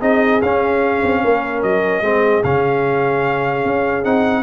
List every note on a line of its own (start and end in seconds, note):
0.00 0.42 C4
0.00 0.42 D#4
0.00 1.21 G#4
0.00 0.42 D#5
0.43 1.03 C#4
0.43 2.03 C#4
0.43 1.63 F5
1.04 1.24 C4
1.24 1.64 A#3
1.24 2.05 A#4
1.63 2.01 F#3
1.63 2.44 D#5
2.01 2.42 G#3
2.01 2.44 C4
2.01 4.43 G#4
2.44 3.65 C#3
2.44 4.04 C#4
2.44 4.05 F5
3.65 4.05 C#4
4.04 4.43 C4
4.04 4.43 D#4
4.04 4.43 F#5